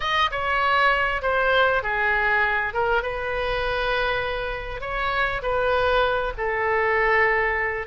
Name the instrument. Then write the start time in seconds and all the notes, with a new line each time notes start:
oboe
0.00 D#5
0.31 C#5
1.22 C5
1.82 G#4
2.73 A#4
3.02 B4
4.80 C#5
5.42 B4
6.37 A4